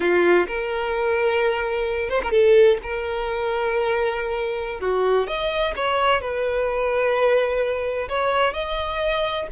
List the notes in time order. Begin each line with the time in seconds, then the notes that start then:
0.00 F4
0.47 A#4
2.09 C5
2.22 A#4
2.31 A4
2.83 A#4
4.80 F#4
5.27 D#5
5.76 C#5
6.21 B4
8.08 C#5
8.53 D#5